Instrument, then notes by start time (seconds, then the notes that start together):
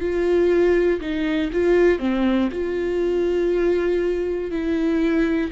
viola
0.00 F4
1.00 D#4
1.52 F4
1.99 C4
2.52 F4
4.51 E4